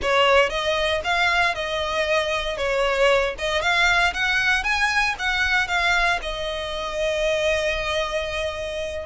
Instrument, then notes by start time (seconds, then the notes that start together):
violin
0.01 C#5
0.49 D#5
1.04 F5
1.54 D#5
2.57 C#5
3.38 D#5
3.61 F5
4.13 F#5
4.63 G#5
5.18 F#5
5.67 F5
6.21 D#5